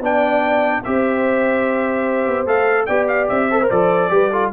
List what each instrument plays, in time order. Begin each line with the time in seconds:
0.00 tuba B3, trombone D4, horn D5, trumpet G5
0.84 tuba C4, trombone G4, horn C5, trumpet E5
2.27 tuba B3
2.47 tuba A3, trombone A4, trumpet F5
2.86 tuba B3, trombone G4, horn D5, trumpet G5
3.08 trumpet F5
3.29 tuba C4, trumpet E5
3.51 trombone A4, horn C5
3.62 trombone A#4
3.70 tuba F3, trombone A4, trumpet D5
4.10 tuba G3, trombone G4, horn B4
4.32 trombone F4, horn A4